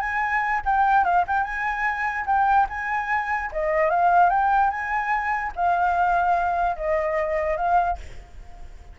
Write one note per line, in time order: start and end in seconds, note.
0.00 0.61 G#5
0.65 1.04 G5
1.04 1.25 F5
1.27 1.43 G5
1.43 2.25 G#5
2.26 2.67 G5
2.69 3.51 G#5
3.52 3.90 D#5
3.90 4.29 F5
4.29 4.70 G5
4.71 5.52 G#5
5.56 6.76 F5
6.76 7.57 D#5
7.57 7.97 F5